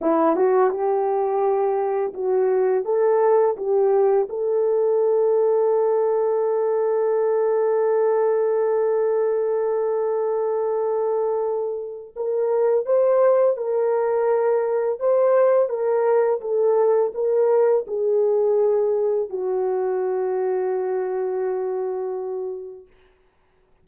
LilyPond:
\new Staff \with { instrumentName = "horn" } { \time 4/4 \tempo 4 = 84 e'8 fis'8 g'2 fis'4 | a'4 g'4 a'2~ | a'1~ | a'1~ |
a'4 ais'4 c''4 ais'4~ | ais'4 c''4 ais'4 a'4 | ais'4 gis'2 fis'4~ | fis'1 | }